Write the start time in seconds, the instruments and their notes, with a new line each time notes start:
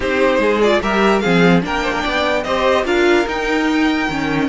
0.00 cello C4, viola D#4, violin G4 C5
0.38 cello G#3, violin G#4
0.61 viola F4, violin D5
0.81 cello G3, viola G4, violin A#4 E5
1.19 cello F3, viola C4, violin G#4 F5
1.61 cello A#3, viola D4, violin A#4 G5
1.83 violin C5
1.92 violin A#4
2.02 cello B3, violin D5
2.43 cello C4, viola G4, violin C5 D#5
2.85 cello D4, viola F4, violin A#4 F5
3.27 cello D#4, viola D#4, violin G5
4.09 cello D#3, viola C#4